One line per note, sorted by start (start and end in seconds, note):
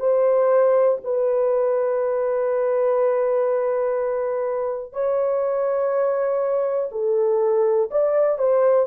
0.00 0.99 C5
1.04 4.94 B4
4.94 6.90 C#5
6.92 7.90 A4
7.91 8.39 D5
8.39 8.87 C5